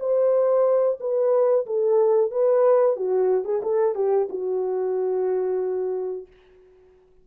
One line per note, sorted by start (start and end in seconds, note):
0.00 0.99 C5
1.00 1.66 B4
1.67 2.32 A4
2.32 2.97 B4
2.97 3.45 F#4
3.45 3.62 G#4
3.63 3.96 A4
3.96 4.29 G4
4.30 6.28 F#4